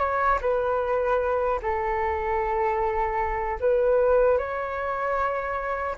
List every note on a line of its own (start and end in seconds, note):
0.00 0.39 C#5
0.42 1.60 B4
1.62 3.60 A4
3.60 4.38 B4
4.38 5.96 C#5